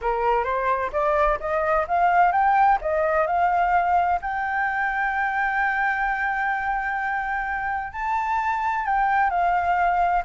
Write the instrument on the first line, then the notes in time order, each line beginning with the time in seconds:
flute
0.01 A#4
0.44 C5
0.92 D5
1.40 D#5
1.87 F5
2.32 G5
2.81 D#5
3.26 F5
4.21 G5
7.92 A5
8.85 G5
9.29 F5